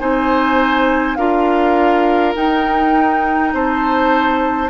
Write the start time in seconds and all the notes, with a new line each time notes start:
0.00 C4 D#4 C5 G#5
1.15 D4 F4 A#4 F5
2.35 D#4 G5
3.53 C4 C5 A5